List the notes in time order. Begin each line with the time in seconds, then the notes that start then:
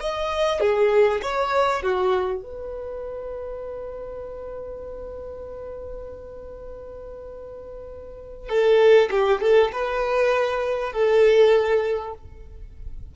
0.00 D#5
0.60 G#4
1.21 C#5
1.82 F#4
2.43 B4
8.48 A4
9.10 G4
9.40 A4
9.72 B4
10.92 A4